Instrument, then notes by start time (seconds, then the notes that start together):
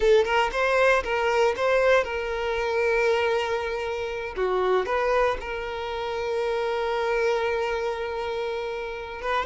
violin
0.00 A4
0.24 A#4
0.52 C5
1.03 A#4
1.56 C5
2.03 A#4
4.36 F#4
4.86 B4
5.40 A#4
9.21 B4